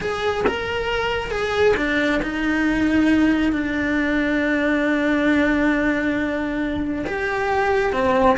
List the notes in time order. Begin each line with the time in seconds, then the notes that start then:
0.00 G#4
0.46 A#4
1.30 G#4
1.76 D4
2.22 D#4
3.52 D4
7.06 G4
7.92 C4